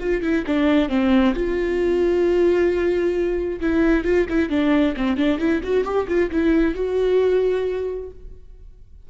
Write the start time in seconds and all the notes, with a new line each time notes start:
0.00 F4
0.22 E4
0.47 D4
0.89 C4
1.35 F4
3.61 E4
4.04 F4
4.30 E4
4.50 D4
4.97 C4
5.17 D4
5.39 E4
5.64 F#4
5.84 G4
6.08 F4
6.31 E4
6.75 F#4